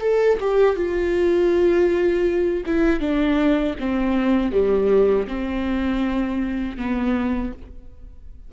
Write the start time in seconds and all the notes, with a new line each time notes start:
0.00 A4
0.40 G4
0.76 F4
2.66 E4
3.00 D4
3.79 C4
4.52 G3
5.27 C4
6.77 B3